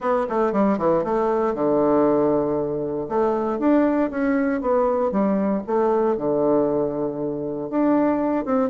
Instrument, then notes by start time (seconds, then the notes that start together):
bassoon
0.00 B3
0.29 A3
0.52 G3
0.78 E3
1.04 A3
1.54 D3
3.09 A3
3.59 D4
4.10 C#4
4.61 B3
5.11 G3
5.66 A3
6.17 D3
7.69 D4
8.45 C4